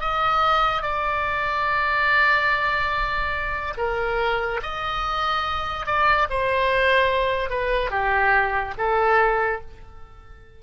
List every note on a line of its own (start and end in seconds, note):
0.00 0.82 D#5
0.82 3.74 D5
3.77 4.61 A#4
4.62 5.86 D#5
5.86 6.28 D5
6.30 7.50 C5
7.50 7.91 B4
7.91 8.74 G4
8.77 9.61 A4